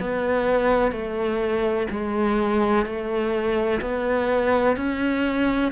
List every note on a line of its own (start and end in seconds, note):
0.00 0.91 B3
0.91 1.87 A3
1.90 2.85 G#3
2.85 3.81 A3
3.81 4.76 B3
4.77 5.72 C#4